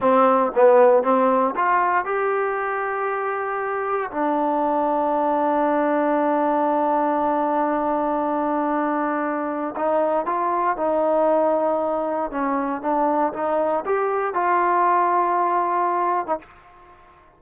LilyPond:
\new Staff \with { instrumentName = "trombone" } { \time 4/4 \tempo 4 = 117 c'4 b4 c'4 f'4 | g'1 | d'1~ | d'1~ |
d'2. dis'4 | f'4 dis'2. | cis'4 d'4 dis'4 g'4 | f'2.~ f'8. dis'16 | }